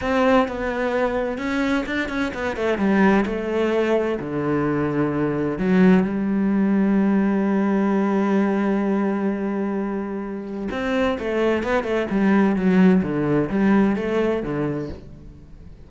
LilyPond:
\new Staff \with { instrumentName = "cello" } { \time 4/4 \tempo 4 = 129 c'4 b2 cis'4 | d'8 cis'8 b8 a8 g4 a4~ | a4 d2. | fis4 g2.~ |
g1~ | g2. c'4 | a4 b8 a8 g4 fis4 | d4 g4 a4 d4 | }